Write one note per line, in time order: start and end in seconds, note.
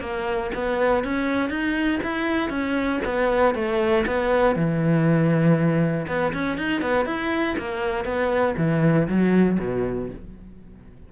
0.00 0.50 A#3
0.54 1.04 B3
1.04 1.49 C#4
1.49 2.00 D#4
2.03 2.50 E4
2.50 3.00 C#4
3.04 3.54 B3
3.54 4.05 A3
4.06 4.55 B3
4.55 6.06 E3
6.08 6.33 B3
6.33 6.57 C#4
6.57 6.81 D#4
6.81 7.05 B3
7.05 7.56 E4
7.58 8.05 A#3
8.05 8.55 B3
8.57 9.07 E3
9.08 9.58 F#3
9.59 10.10 B2